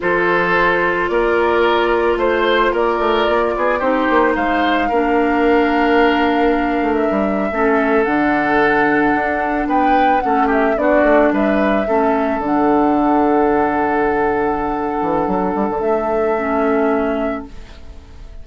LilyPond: <<
  \new Staff \with { instrumentName = "flute" } { \time 4/4 \tempo 4 = 110 c''2 d''2 | c''4 d''2 c''4 | f''1~ | f''8. e''2 fis''4~ fis''16~ |
fis''4.~ fis''16 g''4 fis''8 e''8 d''16~ | d''8. e''2 fis''4~ fis''16~ | fis''1~ | fis''4 e''2. | }
  \new Staff \with { instrumentName = "oboe" } { \time 4/4 a'2 ais'2 | c''4 ais'4. gis'8 g'4 | c''4 ais'2.~ | ais'4.~ ais'16 a'2~ a'16~ |
a'4.~ a'16 b'4 a'8 g'8 fis'16~ | fis'8. b'4 a'2~ a'16~ | a'1~ | a'1 | }
  \new Staff \with { instrumentName = "clarinet" } { \time 4/4 f'1~ | f'2. dis'4~ | dis'4 d'2.~ | d'4.~ d'16 cis'4 d'4~ d'16~ |
d'2~ d'8. cis'4 d'16~ | d'4.~ d'16 cis'4 d'4~ d'16~ | d'1~ | d'2 cis'2 | }
  \new Staff \with { instrumentName = "bassoon" } { \time 4/4 f2 ais2 | a4 ais8 a8 ais8 b8 c'8 ais8 | gis4 ais2.~ | ais8 a8 g8. a4 d4~ d16~ |
d8. d'4 b4 a4 b16~ | b16 a8 g4 a4 d4~ d16~ | d2.~ d8 e8 | fis8 g16 d16 a2. | }
>>